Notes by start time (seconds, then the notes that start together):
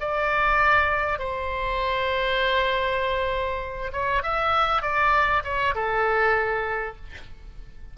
0.00 D5
1.18 C5
3.92 C#5
4.23 E5
4.82 D5
5.44 C#5
5.75 A4